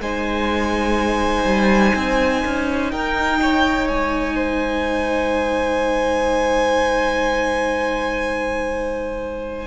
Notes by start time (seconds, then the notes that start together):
0.00 G#3 D#4 C5 G#5
1.44 G3
1.96 C4
2.45 C#4
2.91 D#4 A#4 G5
3.42 C#5
3.88 G#3 G#5
4.36 C5